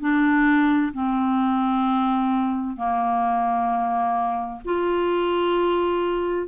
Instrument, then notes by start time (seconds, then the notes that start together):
clarinet
0.00 D4
0.93 C4
2.76 A#3
4.65 F4